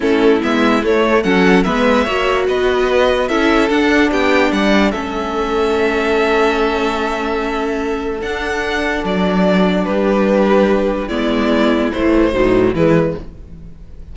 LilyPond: <<
  \new Staff \with { instrumentName = "violin" } { \time 4/4 \tempo 4 = 146 a'4 e''4 cis''4 fis''4 | e''2 dis''2 | e''4 fis''4 g''4 fis''4 | e''1~ |
e''1 | fis''2 d''2 | b'2. d''4~ | d''4 c''2 b'4 | }
  \new Staff \with { instrumentName = "violin" } { \time 4/4 e'2. a'4 | b'4 cis''4 b'2 | a'2 g'4 d''4 | a'1~ |
a'1~ | a'1 | g'2. e'4~ | e'2 dis'4 e'4 | }
  \new Staff \with { instrumentName = "viola" } { \time 4/4 cis'4 b4 a4 cis'4 | b4 fis'2. | e'4 d'2. | cis'1~ |
cis'1 | d'1~ | d'2. b4~ | b4 e4 fis4 gis4 | }
  \new Staff \with { instrumentName = "cello" } { \time 4/4 a4 gis4 a4 fis4 | gis4 ais4 b2 | cis'4 d'4 b4 g4 | a1~ |
a1 | d'2 fis2 | g2. gis4~ | gis4 a4 a,4 e4 | }
>>